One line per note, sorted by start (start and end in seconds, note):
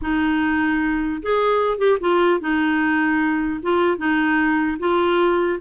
0.01 1.21 D#4
1.22 1.78 G#4
1.78 1.98 G4
2.00 2.40 F4
2.40 3.60 D#4
3.62 3.97 F4
3.97 4.77 D#4
4.79 5.59 F4